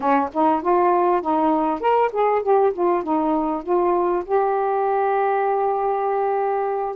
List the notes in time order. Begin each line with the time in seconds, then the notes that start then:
0.00 C#4
0.33 D#4
0.61 F4
1.21 D#4
1.80 A#4
2.12 G#4
2.42 G4
2.73 F4
3.03 D#4
3.63 F4
4.25 G4